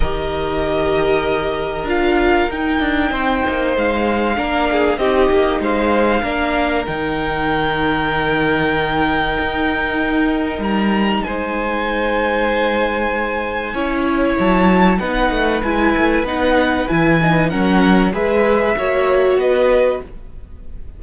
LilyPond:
<<
  \new Staff \with { instrumentName = "violin" } { \time 4/4 \tempo 4 = 96 dis''2. f''4 | g''2 f''2 | dis''4 f''2 g''4~ | g''1~ |
g''4 ais''4 gis''2~ | gis''2. a''4 | fis''4 gis''4 fis''4 gis''4 | fis''4 e''2 dis''4 | }
  \new Staff \with { instrumentName = "violin" } { \time 4/4 ais'1~ | ais'4 c''2 ais'8 gis'8 | g'4 c''4 ais'2~ | ais'1~ |
ais'2 c''2~ | c''2 cis''2 | b'1 | ais'4 b'4 cis''4 b'4 | }
  \new Staff \with { instrumentName = "viola" } { \time 4/4 g'2. f'4 | dis'2. d'4 | dis'2 d'4 dis'4~ | dis'1~ |
dis'1~ | dis'2 e'2 | dis'4 e'4 dis'4 e'8 dis'8 | cis'4 gis'4 fis'2 | }
  \new Staff \with { instrumentName = "cello" } { \time 4/4 dis2. d'4 | dis'8 d'8 c'8 ais8 gis4 ais4 | c'8 ais8 gis4 ais4 dis4~ | dis2. dis'4~ |
dis'4 g4 gis2~ | gis2 cis'4 fis4 | b8 a8 gis8 a8 b4 e4 | fis4 gis4 ais4 b4 | }
>>